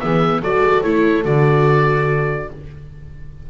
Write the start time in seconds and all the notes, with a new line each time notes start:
0.00 E3 B3 G#4 E5
0.41 F#3 F#4 A4 D5
0.61 G#3
0.83 A3 E4 C#5
1.24 D3 F#4 D5